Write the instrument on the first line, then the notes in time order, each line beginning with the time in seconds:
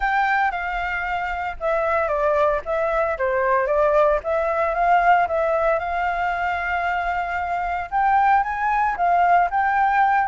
flute
0.00 G5
0.51 F5
1.60 E5
2.08 D5
2.65 E5
3.17 C5
3.67 D5
4.23 E5
4.74 F5
5.27 E5
5.79 F5
7.90 G5
8.43 G#5
8.96 F5
9.50 G5